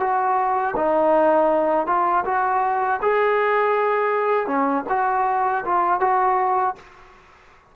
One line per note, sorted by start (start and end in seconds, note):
0.00 0.75 F#4
0.76 1.87 D#4
1.87 2.24 F4
2.25 3.00 F#4
3.02 4.47 G#4
4.47 4.84 C#4
4.90 5.65 F#4
5.65 6.01 F4
6.01 6.76 F#4